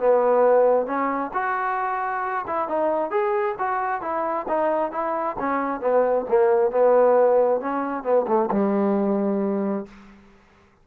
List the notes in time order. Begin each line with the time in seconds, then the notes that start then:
0.00 B3
0.87 C#4
1.34 F#4
2.47 E4
2.68 D#4
3.11 G#4
3.59 F#4
4.02 E4
4.49 D#4
4.92 E4
5.39 C#4
5.81 B3
6.29 A#3
6.71 B3
7.61 C#4
8.04 B3
8.28 A3
8.52 G3